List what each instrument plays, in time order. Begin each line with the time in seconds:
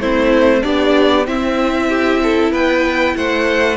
0.00 cello A3, viola C4, violin E4 C5
0.62 cello B3, violin D4 D5, viola G4
1.27 violin C4 E5, cello C4, viola E4
1.90 violin G4
2.23 violin A4
2.52 cello B3, violin B4 G5
3.17 cello A3, violin C5 F#5